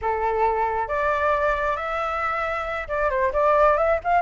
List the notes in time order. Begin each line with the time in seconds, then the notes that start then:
0.01 A4
0.88 D5
1.76 E5
2.87 D5
3.10 C5
3.33 D5
3.77 E5
4.03 F5